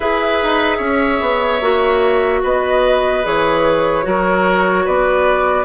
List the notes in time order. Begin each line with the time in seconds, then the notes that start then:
0.00 E4 G#4 B4 E5
0.43 D#4
0.77 C#4 C#5
1.20 B3
1.61 A#3 F#4
2.43 B3 B4 D#5
3.23 E3 G#4 C#5
4.02 F#3 F#4 A#4
4.84 B3 B4 D5